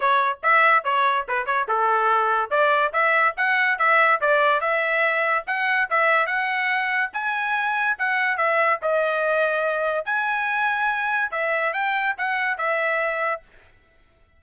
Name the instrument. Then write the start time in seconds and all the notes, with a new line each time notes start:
trumpet
0.00 C#5
0.42 E5
0.84 C#5
1.28 B4
1.46 C#5
1.67 A4
2.50 D5
2.92 E5
3.36 F#5
3.78 E5
4.20 D5
4.60 E5
5.46 F#5
5.90 E5
6.26 F#5
7.13 G#5
7.98 F#5
8.37 E5
8.82 D#5
10.05 G#5
11.31 E5
11.73 G5
12.17 F#5
12.57 E5